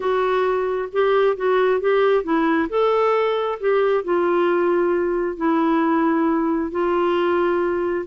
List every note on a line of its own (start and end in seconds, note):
0.00 0.88 F#4
0.92 1.36 G4
1.36 1.80 F#4
1.80 2.23 G4
2.23 2.68 E4
2.69 3.58 A4
3.60 4.03 G4
4.03 5.36 F4
5.36 6.71 E4
6.71 8.05 F4